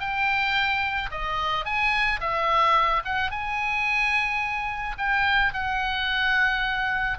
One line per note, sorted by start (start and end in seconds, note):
0.00 1.10 G5
1.11 1.65 D#5
1.65 2.20 G#5
2.20 3.03 E5
3.05 3.31 F#5
3.31 4.96 G#5
4.98 5.53 G5
5.53 7.18 F#5